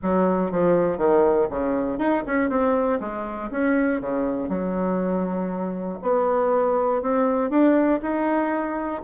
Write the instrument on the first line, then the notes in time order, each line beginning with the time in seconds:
bassoon
0.02 F#3
0.51 F3
0.97 D#3
1.50 C#3
1.98 D#4
2.26 C#4
2.49 C4
3.00 G#3
3.50 C#4
4.00 C#3
4.49 F#3
6.02 B3
7.02 C4
7.50 D4
8.02 D#4